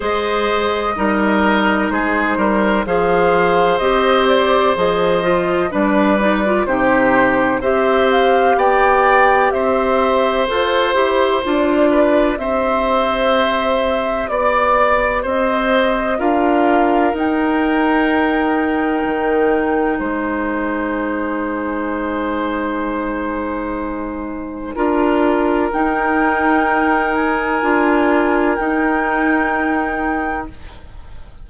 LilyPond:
<<
  \new Staff \with { instrumentName = "flute" } { \time 4/4 \tempo 4 = 63 dis''2 c''4 f''4 | dis''8 d''8 dis''4 d''4 c''4 | e''8 f''8 g''4 e''4 c''4 | d''4 e''2 d''4 |
dis''4 f''4 g''2~ | g''4 gis''2.~ | gis''2. g''4~ | g''8 gis''4. g''2 | }
  \new Staff \with { instrumentName = "oboe" } { \time 4/4 c''4 ais'4 gis'8 ais'8 c''4~ | c''2 b'4 g'4 | c''4 d''4 c''2~ | c''8 b'8 c''2 d''4 |
c''4 ais'2.~ | ais'4 c''2.~ | c''2 ais'2~ | ais'1 | }
  \new Staff \with { instrumentName = "clarinet" } { \time 4/4 gis'4 dis'2 gis'4 | g'4 gis'8 f'8 d'8 dis'16 f'16 dis'4 | g'2. a'8 g'8 | f'4 g'2.~ |
g'4 f'4 dis'2~ | dis'1~ | dis'2 f'4 dis'4~ | dis'4 f'4 dis'2 | }
  \new Staff \with { instrumentName = "bassoon" } { \time 4/4 gis4 g4 gis8 g8 f4 | c'4 f4 g4 c4 | c'4 b4 c'4 f'8 e'8 | d'4 c'2 b4 |
c'4 d'4 dis'2 | dis4 gis2.~ | gis2 d'4 dis'4~ | dis'4 d'4 dis'2 | }
>>